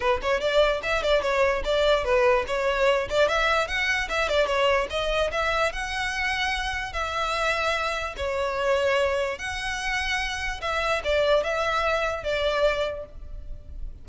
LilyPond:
\new Staff \with { instrumentName = "violin" } { \time 4/4 \tempo 4 = 147 b'8 cis''8 d''4 e''8 d''8 cis''4 | d''4 b'4 cis''4. d''8 | e''4 fis''4 e''8 d''8 cis''4 | dis''4 e''4 fis''2~ |
fis''4 e''2. | cis''2. fis''4~ | fis''2 e''4 d''4 | e''2 d''2 | }